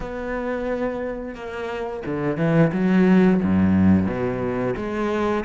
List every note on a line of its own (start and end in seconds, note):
0.00 1.35 B3
1.35 2.03 A#3
2.05 2.37 D3
2.37 2.71 E3
2.72 3.41 F#3
3.43 4.06 F#2
4.06 4.74 B2
4.76 5.44 G#3